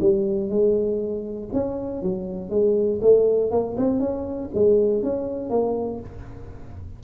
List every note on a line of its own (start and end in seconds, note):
0.00 0.49 G3
0.49 1.49 G#3
1.53 2.02 C#4
2.02 2.50 F#3
2.50 3.00 G#3
3.01 3.51 A3
3.51 3.76 A#3
3.77 3.99 C4
3.99 4.49 C#4
4.54 5.02 G#3
5.02 5.50 C#4
5.50 6.00 A#3